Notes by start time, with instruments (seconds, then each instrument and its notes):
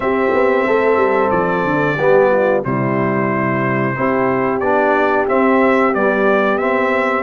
0.00 tuba C4, trombone C4, horn G4, trumpet E5
0.33 tuba B3
0.66 tuba A3, horn A4
0.96 tuba G3
1.30 tuba F3, trumpet D5
1.64 tuba D3
1.97 tuba G3, trombone B3, horn G4
2.30 horn F4
2.63 tuba C3, trombone G3, horn E4, trumpet C5
3.95 tuba C4, trombone E4, horn G4
4.59 tuba B3, trombone D4, trumpet D5
5.27 trombone C4, tuba C4, trumpet E5
5.93 trombone G3, tuba B3, trumpet D5
6.58 trombone C4, trumpet E5